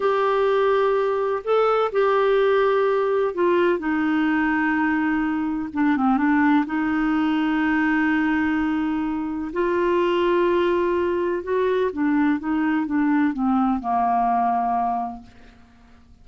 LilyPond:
\new Staff \with { instrumentName = "clarinet" } { \time 4/4 \tempo 4 = 126 g'2. a'4 | g'2. f'4 | dis'1 | d'8 c'8 d'4 dis'2~ |
dis'1 | f'1 | fis'4 d'4 dis'4 d'4 | c'4 ais2. | }